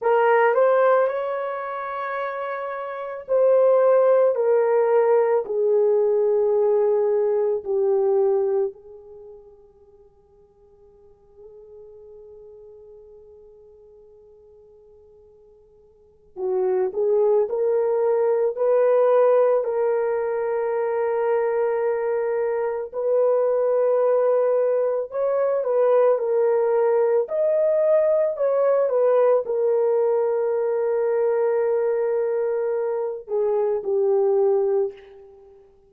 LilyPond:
\new Staff \with { instrumentName = "horn" } { \time 4/4 \tempo 4 = 55 ais'8 c''8 cis''2 c''4 | ais'4 gis'2 g'4 | gis'1~ | gis'2. fis'8 gis'8 |
ais'4 b'4 ais'2~ | ais'4 b'2 cis''8 b'8 | ais'4 dis''4 cis''8 b'8 ais'4~ | ais'2~ ais'8 gis'8 g'4 | }